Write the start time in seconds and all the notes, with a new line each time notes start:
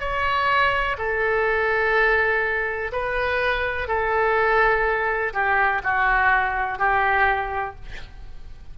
0.00 C#5
0.98 A4
2.93 B4
3.88 A4
5.34 G4
5.84 F#4
6.79 G4